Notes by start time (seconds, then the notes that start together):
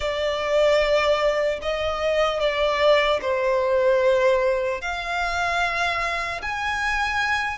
0.00 D5
1.61 D#5
2.40 D5
3.21 C5
4.81 F5
6.41 G#5